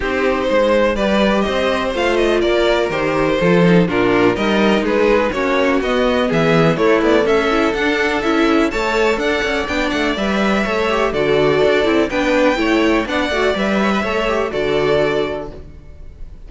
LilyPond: <<
  \new Staff \with { instrumentName = "violin" } { \time 4/4 \tempo 4 = 124 c''2 d''4 dis''4 | f''8 dis''8 d''4 c''2 | ais'4 dis''4 b'4 cis''4 | dis''4 e''4 cis''8 d''8 e''4 |
fis''4 e''4 a''4 fis''4 | g''8 fis''8 e''2 d''4~ | d''4 g''2 fis''4 | e''2 d''2 | }
  \new Staff \with { instrumentName = "violin" } { \time 4/4 g'4 c''4 b'4 c''4~ | c''4 ais'2 a'4 | f'4 ais'4 gis'4 fis'4~ | fis'4 gis'4 e'4 a'4~ |
a'2 cis''4 d''4~ | d''2 cis''4 a'4~ | a'4 b'4 cis''4 d''4~ | d''8 cis''16 b'16 cis''4 a'2 | }
  \new Staff \with { instrumentName = "viola" } { \time 4/4 dis'2 g'2 | f'2 g'4 f'8 dis'8 | d'4 dis'2 cis'4 | b2 a4. e'8 |
d'4 e'4 a'2 | d'4 b'4 a'8 g'8 fis'4~ | fis'8 e'8 d'4 e'4 d'8 fis'8 | b'4 a'8 g'8 fis'2 | }
  \new Staff \with { instrumentName = "cello" } { \time 4/4 c'4 gis4 g4 c'4 | a4 ais4 dis4 f4 | ais,4 g4 gis4 ais4 | b4 e4 a8 b8 cis'4 |
d'4 cis'4 a4 d'8 cis'8 | b8 a8 g4 a4 d4 | d'8 c'8 b4 a4 b8 a8 | g4 a4 d2 | }
>>